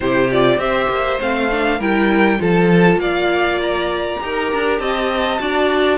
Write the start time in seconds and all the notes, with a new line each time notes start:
0.00 C3 E4 G4 C5
0.31 F4 D5
0.56 C4 G4 C5 E5
0.89 A#3
1.19 A3 C4 F5
1.50 D4
1.78 G3 E4 A#4 G5
2.38 F3 F4 A4 A5
2.96 A#3 D5 F5
3.62 A#5
4.18 D#4 G4
4.24 A#4
4.52 D4
4.79 C4 D#5 A5
5.39 D4 F#4 D5